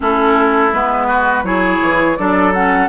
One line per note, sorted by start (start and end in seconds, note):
0.00 0.72 A3
0.00 0.72 C#4
0.00 1.07 E4
0.00 0.73 A4
0.72 1.43 G#3
0.72 1.44 B3
0.72 1.45 B4
1.07 1.43 F#4
1.43 1.79 F#3
1.43 2.16 E4
1.43 2.18 G#4
1.43 2.16 C#5
1.82 2.18 E3
2.16 2.88 F#3
2.16 2.53 D4
2.16 2.88 A4
2.16 2.52 D5
2.53 2.88 C#4
2.53 2.88 F#5